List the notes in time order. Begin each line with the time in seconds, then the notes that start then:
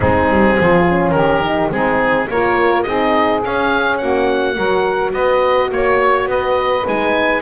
0.00 G#3 C4 D#4 G#4
0.29 G3
0.58 F3 F4
0.85 C#4
1.10 D#3 G4 A#4
1.42 D#4
1.70 G#3 C4 D#4 G#4
2.28 A#3 F4 A#4 C#5
2.82 C4 D#4 G#4 D#5
3.41 C#4 F5
3.97 A#3 F#4 F#5
4.56 F#3 F#4 A#4
5.12 B3 B4 D#5
5.70 A#3 C#5
6.26 B3 B4 D#5
6.84 G#3 D#4 G#5